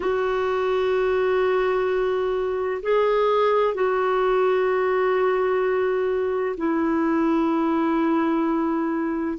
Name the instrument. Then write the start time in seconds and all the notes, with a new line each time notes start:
clarinet
0.00 F#4
2.82 G#4
3.74 F#4
6.57 E4